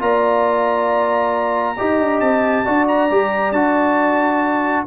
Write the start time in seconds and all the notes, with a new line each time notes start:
0.00 A#3 F4 D5 A#5
1.78 D#4 G4 D#5
2.01 D4
2.21 C4 A5
2.66 D4 F#4 D5
2.89 A#5
3.11 G3 G4
3.52 D4 F#4 A5